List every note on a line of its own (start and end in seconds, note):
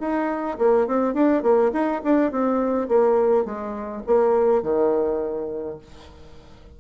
0.00 0.58 D#4
0.58 0.87 A#3
0.87 1.14 C4
1.14 1.42 D4
1.42 1.71 A#3
1.73 2.01 D#4
2.04 2.31 D4
2.31 2.88 C4
2.88 3.45 A#3
3.45 4.03 G#3
4.06 4.63 A#3
4.63 5.78 D#3